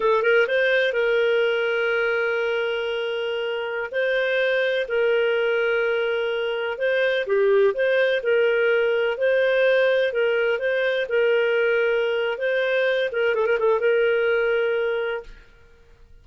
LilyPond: \new Staff \with { instrumentName = "clarinet" } { \time 4/4 \tempo 4 = 126 a'8 ais'8 c''4 ais'2~ | ais'1~ | ais'16 c''2 ais'4.~ ais'16~ | ais'2~ ais'16 c''4 g'8.~ |
g'16 c''4 ais'2 c''8.~ | c''4~ c''16 ais'4 c''4 ais'8.~ | ais'2 c''4. ais'8 | a'16 ais'16 a'8 ais'2. | }